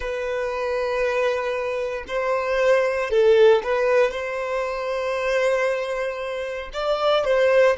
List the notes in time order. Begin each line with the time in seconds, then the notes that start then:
0.00 B4
2.07 C5
3.10 A4
3.63 B4
4.11 C5
6.72 D5
7.25 C5